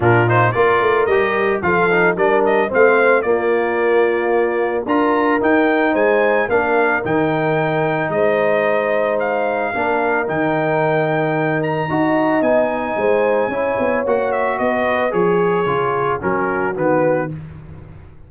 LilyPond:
<<
  \new Staff \with { instrumentName = "trumpet" } { \time 4/4 \tempo 4 = 111 ais'8 c''8 d''4 dis''4 f''4 | d''8 dis''8 f''4 d''2~ | d''4 ais''4 g''4 gis''4 | f''4 g''2 dis''4~ |
dis''4 f''2 g''4~ | g''4. ais''4. gis''4~ | gis''2 fis''8 e''8 dis''4 | cis''2 ais'4 b'4 | }
  \new Staff \with { instrumentName = "horn" } { \time 4/4 f'4 ais'2 a'4 | ais'4 c''4 f'2~ | f'4 ais'2 c''4 | ais'2. c''4~ |
c''2 ais'2~ | ais'2 dis''2 | c''4 cis''2 b'4 | gis'2 fis'2 | }
  \new Staff \with { instrumentName = "trombone" } { \time 4/4 d'8 dis'8 f'4 g'4 f'8 dis'8 | d'4 c'4 ais2~ | ais4 f'4 dis'2 | d'4 dis'2.~ |
dis'2 d'4 dis'4~ | dis'2 fis'4 dis'4~ | dis'4 e'4 fis'2 | gis'4 f'4 cis'4 b4 | }
  \new Staff \with { instrumentName = "tuba" } { \time 4/4 ais,4 ais8 a8 g4 f4 | g4 a4 ais2~ | ais4 d'4 dis'4 gis4 | ais4 dis2 gis4~ |
gis2 ais4 dis4~ | dis2 dis'4 b4 | gis4 cis'8 b8 ais4 b4 | f4 cis4 fis4 dis4 | }
>>